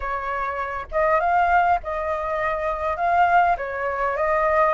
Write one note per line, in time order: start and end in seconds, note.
0.00 0.86 C#5
0.91 1.19 D#5
1.19 1.79 F5
1.83 2.96 D#5
2.96 3.56 F5
3.57 4.16 C#5
4.16 4.74 D#5